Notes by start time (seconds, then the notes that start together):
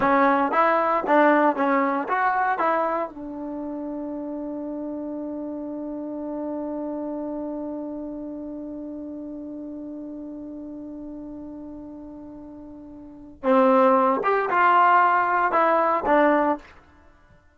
0.00 C#4
0.51 E4
1.07 D4
1.55 C#4
2.08 F#4
2.59 E4
3.09 D4
13.43 C4
14.23 G4
14.49 F4
15.51 E4
16.06 D4